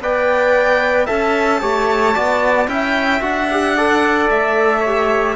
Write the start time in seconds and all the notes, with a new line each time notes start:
0.00 B3 B4 D5 G5
1.06 C#4 A4 E5 A5
1.61 A3 G4 C#5
2.16 B3 F#4 D5
2.68 C#4 E4 E5 G5
3.21 D4 F#4 F#5
3.51 G4
3.77 A4 D5
4.31 A3 E5
4.80 G4 C#5